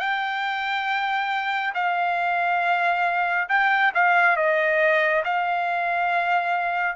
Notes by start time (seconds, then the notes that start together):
0.00 G5
1.75 F5
3.49 G5
3.95 F5
4.37 D#5
5.25 F5